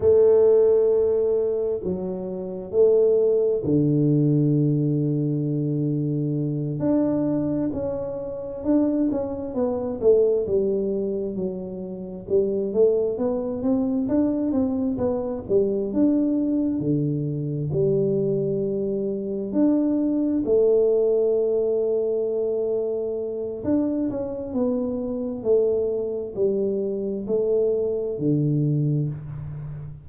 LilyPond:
\new Staff \with { instrumentName = "tuba" } { \time 4/4 \tempo 4 = 66 a2 fis4 a4 | d2.~ d8 d'8~ | d'8 cis'4 d'8 cis'8 b8 a8 g8~ | g8 fis4 g8 a8 b8 c'8 d'8 |
c'8 b8 g8 d'4 d4 g8~ | g4. d'4 a4.~ | a2 d'8 cis'8 b4 | a4 g4 a4 d4 | }